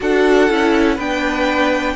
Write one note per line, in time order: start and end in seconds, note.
0.00 0.49 D4
0.00 0.49 F#4
0.00 0.95 A4
0.00 0.99 F#5
0.49 0.98 C#4
0.49 0.98 E4
0.95 1.95 B3
0.95 1.95 D4
0.95 1.93 B4
0.95 1.95 G5